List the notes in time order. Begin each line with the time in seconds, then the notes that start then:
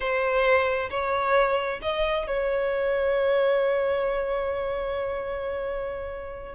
0.00 C5
0.90 C#5
1.82 D#5
2.27 C#5